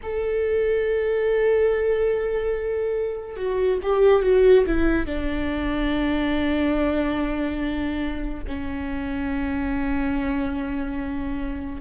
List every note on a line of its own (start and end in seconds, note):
0.02 3.36 A4
3.36 3.78 F#4
3.82 4.22 G4
4.22 4.64 F#4
4.66 5.06 E4
5.06 8.44 D4
8.47 11.81 C#4